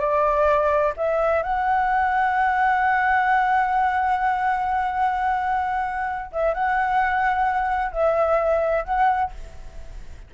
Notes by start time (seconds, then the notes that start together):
0.00 D5
0.97 E5
1.43 F#5
6.32 E5
6.54 F#5
7.92 E5
8.84 F#5